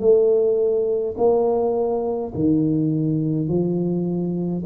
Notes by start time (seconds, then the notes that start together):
0.00 A3
1.17 A#3
2.35 D#3
3.49 F3